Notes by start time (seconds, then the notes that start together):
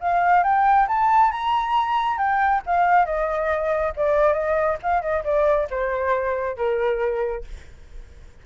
0.00 F5
0.43 G5
0.88 A5
1.31 A#5
2.18 G5
2.66 F5
3.05 D#5
3.96 D5
4.33 D#5
4.82 F5
5.01 D#5
5.24 D5
5.70 C5
6.56 A#4